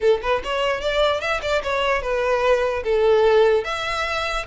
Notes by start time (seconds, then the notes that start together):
0.01 A4
0.22 B4
0.43 C#5
0.80 D5
1.20 E5
1.42 D5
1.63 C#5
2.02 B4
2.83 A4
3.64 E5